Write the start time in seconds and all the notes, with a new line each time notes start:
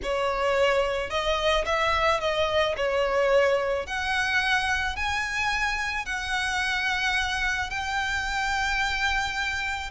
0.03 C#5
1.10 D#5
1.65 E5
2.20 D#5
2.76 C#5
3.86 F#5
4.95 G#5
6.05 F#5
7.70 G5